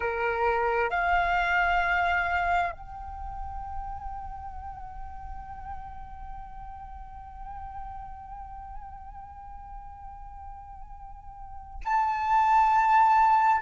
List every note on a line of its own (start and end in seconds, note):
0.00 0.90 A#4
0.90 2.71 F5
2.71 11.81 G5
11.84 13.62 A5